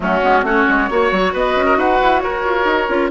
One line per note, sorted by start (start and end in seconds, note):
0.00 0.20 F#3
0.00 0.21 A3
0.00 0.45 C#4
0.00 0.46 F#4
0.22 0.42 G#3
0.22 0.44 B3
0.42 0.64 A3
0.42 0.89 C#4
0.42 0.89 F#4
0.42 1.35 C#5
0.68 0.89 G#3
0.89 1.11 A#3
0.89 2.88 F#4
0.89 1.33 C#5
1.11 1.33 F#3
1.33 1.56 B3
1.33 1.65 B4
1.33 1.79 D#5
1.56 1.77 C#4
1.65 1.76 A#4
1.77 1.99 D#4
1.77 2.22 B4
1.77 2.20 F#5
2.01 2.22 E4
2.20 2.44 F#4
2.20 3.11 A#4
2.20 3.09 C#5
2.44 2.64 F4
2.64 2.87 D#4
2.88 3.11 C#4
2.88 3.10 F4